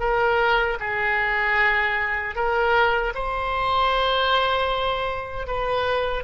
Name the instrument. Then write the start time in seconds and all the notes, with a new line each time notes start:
oboe
0.00 A#4
0.80 G#4
2.36 A#4
3.15 C5
5.47 B4